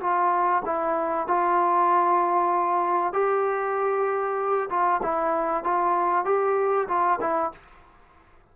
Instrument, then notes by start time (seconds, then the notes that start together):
trombone
0.00 F4
0.65 E4
1.27 F4
3.12 G4
4.69 F4
5.02 E4
5.64 F4
6.24 G4
6.88 F4
7.20 E4